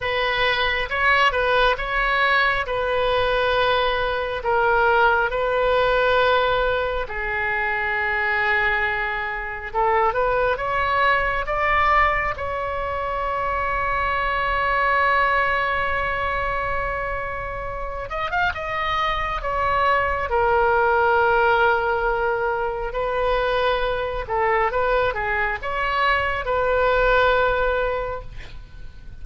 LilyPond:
\new Staff \with { instrumentName = "oboe" } { \time 4/4 \tempo 4 = 68 b'4 cis''8 b'8 cis''4 b'4~ | b'4 ais'4 b'2 | gis'2. a'8 b'8 | cis''4 d''4 cis''2~ |
cis''1~ | cis''8 dis''16 f''16 dis''4 cis''4 ais'4~ | ais'2 b'4. a'8 | b'8 gis'8 cis''4 b'2 | }